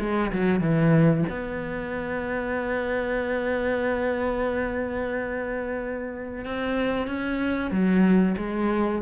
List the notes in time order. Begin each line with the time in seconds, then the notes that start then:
0.00 G#3
0.33 F#3
0.61 E3
1.30 B3
6.45 C4
7.08 C#4
7.72 F#3
8.38 G#3